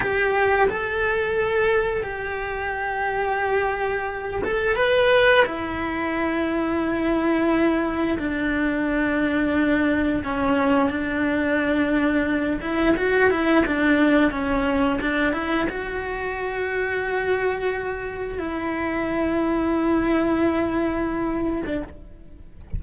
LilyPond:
\new Staff \with { instrumentName = "cello" } { \time 4/4 \tempo 4 = 88 g'4 a'2 g'4~ | g'2~ g'8 a'8 b'4 | e'1 | d'2. cis'4 |
d'2~ d'8 e'8 fis'8 e'8 | d'4 cis'4 d'8 e'8 fis'4~ | fis'2. e'4~ | e'2.~ e'8. d'16 | }